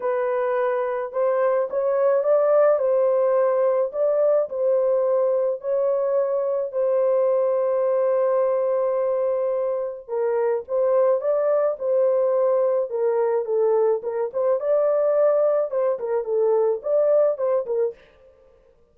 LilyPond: \new Staff \with { instrumentName = "horn" } { \time 4/4 \tempo 4 = 107 b'2 c''4 cis''4 | d''4 c''2 d''4 | c''2 cis''2 | c''1~ |
c''2 ais'4 c''4 | d''4 c''2 ais'4 | a'4 ais'8 c''8 d''2 | c''8 ais'8 a'4 d''4 c''8 ais'8 | }